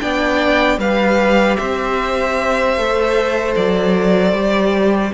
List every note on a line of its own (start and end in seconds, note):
0.00 0.78 B3
0.00 0.79 D4
0.00 0.80 D5
0.00 0.79 G5
0.78 1.57 G3
0.78 2.78 G4
0.78 1.58 B4
0.78 1.57 F5
1.57 2.77 C4
1.57 5.14 C5
1.57 3.54 E5
2.77 3.56 A3
2.77 4.36 A4
3.56 4.33 F#3
3.56 5.13 D5
4.33 5.12 G3
4.33 5.14 G4